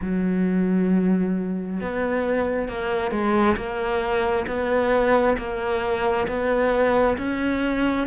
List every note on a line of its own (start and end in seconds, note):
0.01 1.80 F#3
1.80 2.68 B3
2.68 3.11 A#3
3.11 3.55 G#3
3.56 4.46 A#3
4.47 5.36 B3
5.37 6.27 A#3
6.27 7.16 B3
7.17 8.07 C#4